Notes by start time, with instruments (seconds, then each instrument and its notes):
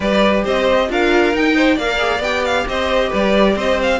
0.00 cello G3, viola G4, violin B4 D5
0.43 cello C4, violin C5 D#5
0.89 cello D4, viola F4, violin A#4 F5
1.33 viola D#4, cello D#4, violin G5
1.55 violin C5
1.75 cello A#3, viola A#4, violin D5 F5
1.97 viola G#4
2.19 cello B3, viola G4, violin G5
2.45 violin F5
2.67 cello C4, violin C5 D#5
3.08 cello G3, violin B4 D5
3.55 cello C4, violin C5 D#5
3.82 violin F5